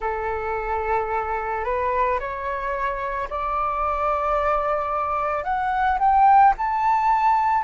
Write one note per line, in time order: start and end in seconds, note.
0.00 1.64 A4
1.64 2.19 B4
2.19 3.28 C#5
3.29 5.43 D5
5.43 5.98 F#5
5.99 6.54 G5
6.57 7.63 A5